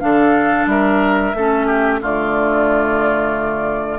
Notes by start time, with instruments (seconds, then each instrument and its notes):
0.00 bassoon D3, clarinet D4, oboe A4, flute F5
0.66 bassoon G3, oboe A#4, flute E5
1.34 bassoon A3, clarinet C#4, oboe A4
1.67 oboe G4
2.02 bassoon D3, clarinet A3, oboe F4, flute D5